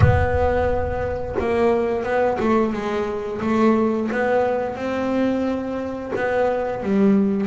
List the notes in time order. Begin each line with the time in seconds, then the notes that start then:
0.00 B3
1.39 A#3
2.03 B3
2.39 A3
2.72 G#3
3.41 A3
4.11 B3
4.75 C4
6.15 B3
6.82 G3